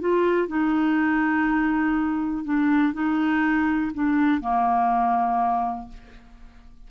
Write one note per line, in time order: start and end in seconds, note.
0.00 0.48 F4
0.48 2.45 D#4
2.45 2.93 D4
2.93 3.92 D#4
3.94 4.41 D4
4.41 5.88 A#3